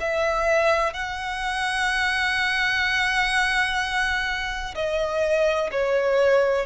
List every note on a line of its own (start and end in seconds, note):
0.00 0.94 E5
0.94 4.74 F#5
4.75 5.70 D#5
5.71 6.66 C#5